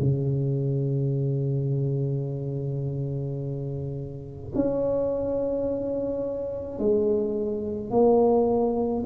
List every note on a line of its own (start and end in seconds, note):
0.00 4.53 C#3
4.55 6.79 C#4
6.79 7.91 G#3
7.91 9.04 A#3